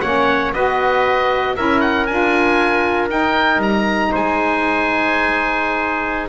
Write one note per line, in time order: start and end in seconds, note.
0.00 0.53 A#3
0.00 0.53 C#4
0.00 0.53 C#5
0.00 0.51 F#5
0.53 1.55 B3
0.53 1.56 F#4
0.53 1.56 B4
0.53 1.56 D#5
1.56 2.09 C#4
1.56 2.07 E4
1.56 4.11 A#4
1.56 1.80 E5
1.80 2.06 F#5
2.06 3.10 D4
2.06 3.08 F4
2.06 3.08 G#5
3.08 6.28 D#4
3.08 3.56 D#4
3.08 3.61 G5
3.56 4.08 G3
3.56 4.13 A#5
4.11 6.29 G#3
4.11 6.29 C5
4.11 6.29 G#5